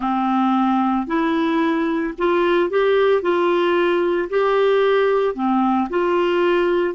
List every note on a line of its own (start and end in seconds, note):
0.00 1.07 C4
1.07 2.14 E4
2.18 2.69 F4
2.69 3.21 G4
3.21 4.29 F4
4.29 5.34 G4
5.34 5.88 C4
5.89 6.94 F4